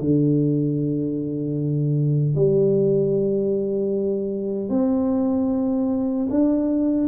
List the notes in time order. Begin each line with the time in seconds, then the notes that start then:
0.00 D3
2.35 G3
4.69 C4
6.29 D4